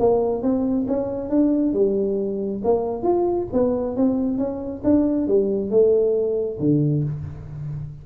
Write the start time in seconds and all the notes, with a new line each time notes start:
0.00 A#3
0.43 C4
0.88 C#4
1.30 D4
1.74 G3
2.64 A#3
3.03 F4
3.53 B3
3.97 C4
4.38 C#4
4.84 D4
5.28 G3
5.71 A3
6.60 D3